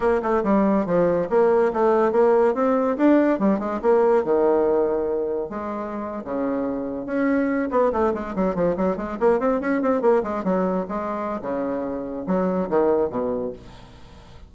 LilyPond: \new Staff \with { instrumentName = "bassoon" } { \time 4/4 \tempo 4 = 142 ais8 a8 g4 f4 ais4 | a4 ais4 c'4 d'4 | g8 gis8 ais4 dis2~ | dis4 gis4.~ gis16 cis4~ cis16~ |
cis8. cis'4. b8 a8 gis8 fis16~ | fis16 f8 fis8 gis8 ais8 c'8 cis'8 c'8 ais16~ | ais16 gis8 fis4 gis4~ gis16 cis4~ | cis4 fis4 dis4 b,4 | }